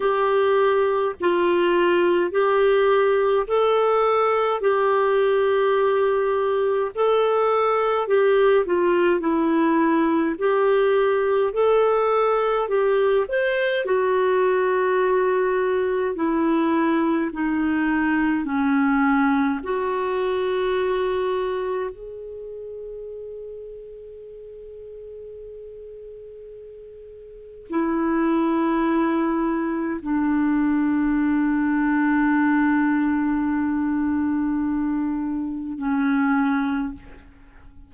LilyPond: \new Staff \with { instrumentName = "clarinet" } { \time 4/4 \tempo 4 = 52 g'4 f'4 g'4 a'4 | g'2 a'4 g'8 f'8 | e'4 g'4 a'4 g'8 c''8 | fis'2 e'4 dis'4 |
cis'4 fis'2 gis'4~ | gis'1 | e'2 d'2~ | d'2. cis'4 | }